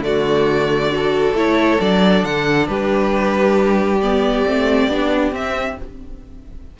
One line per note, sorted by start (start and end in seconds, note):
0.00 1.32 D3
0.00 0.89 A3
0.00 0.94 F#4
0.00 1.36 D5
0.89 1.33 F#4
0.89 2.68 A4
1.34 1.78 A3
1.34 1.79 E4
1.34 1.80 C#5
1.79 2.24 F#3
1.79 4.00 D4
1.79 2.24 D5
2.24 2.68 D3
2.24 2.67 F#5
2.67 4.44 G3
2.67 5.77 G4
2.67 3.99 B4
4.01 4.45 B3
4.01 5.33 D5
4.45 4.88 A3
4.45 4.89 C4
4.88 5.32 B3
4.88 5.33 D4
5.32 5.76 C4
5.32 5.78 C4
5.32 5.79 E5